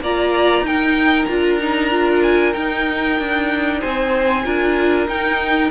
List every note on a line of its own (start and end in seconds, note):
0.00 0.61 A#3
0.00 0.65 F4
0.00 0.66 D5
0.00 0.66 A#5
0.61 1.24 D#4
0.61 1.28 D#4
0.61 3.79 A#4
0.61 1.25 G5
1.25 2.55 D4
1.25 1.59 F4
1.25 2.19 A#5
1.59 1.90 D#4
1.90 2.53 F4
2.22 2.53 G#5
2.53 4.43 D#4
2.53 3.19 D#4
2.53 3.79 G5
3.19 3.82 D4
3.79 4.45 C4
3.79 4.42 C5
3.79 5.07 G#5
4.44 5.07 D4
4.44 5.07 F4
4.44 5.71 A#4
5.07 5.70 D#4
5.07 5.71 D#4
5.07 5.71 G5